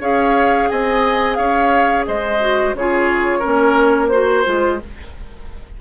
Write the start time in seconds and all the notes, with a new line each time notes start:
0.00 C#4 G#4 C#5 F5
0.69 C4 D#5 G#5
1.35 C#4 C#5 F5
2.07 G#3 C5 D#5
2.40 F#4
2.74 C#3 F4 G#4 C#5
3.39 C#4 A#4
3.45 A#3
4.08 F#4 C5
4.44 G#3 F4